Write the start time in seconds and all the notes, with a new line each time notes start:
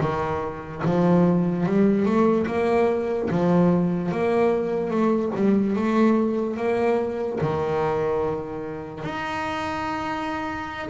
0.00 D#3
0.84 F3
1.66 G3
2.05 A3
2.47 A#3
3.30 F3
4.11 A#3
4.90 A3
5.35 G3
5.76 A3
6.56 A#3
7.40 D#3
9.04 D#4